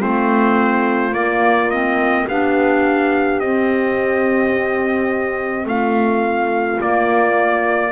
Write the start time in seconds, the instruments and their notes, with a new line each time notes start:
0.00 double bass A3, clarinet C4, horn F4, trumpet C5
1.13 double bass A#3, clarinet A#3, trumpet D5
1.71 clarinet C4, trumpet D#5
2.28 double bass B3, clarinet D4, horn G4, trumpet F5
3.40 double bass C4, clarinet C4, trumpet D#5
5.66 double bass A3, horn F4, trumpet F5
6.81 clarinet A#3, double bass A#3, trumpet D5